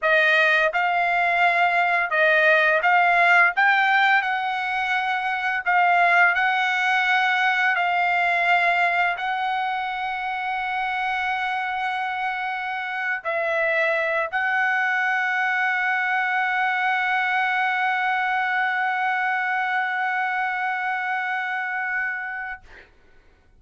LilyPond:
\new Staff \with { instrumentName = "trumpet" } { \time 4/4 \tempo 4 = 85 dis''4 f''2 dis''4 | f''4 g''4 fis''2 | f''4 fis''2 f''4~ | f''4 fis''2.~ |
fis''2~ fis''8. e''4~ e''16~ | e''16 fis''2.~ fis''8.~ | fis''1~ | fis''1 | }